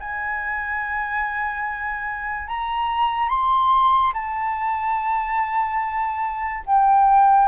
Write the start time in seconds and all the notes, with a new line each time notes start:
0.00 G#5
2.48 A#5
3.30 C6
4.14 A5
6.67 G5